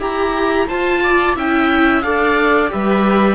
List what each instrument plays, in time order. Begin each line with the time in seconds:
0.00 cello E4, viola G4, oboe A#5
0.68 viola F4 C5, cello F4, oboe A5
1.03 viola D5
1.36 cello C#4, viola E4 E5, oboe G5
2.02 cello D4, viola A4 D5, oboe F5
2.69 cello G3, viola G4 B4, oboe E5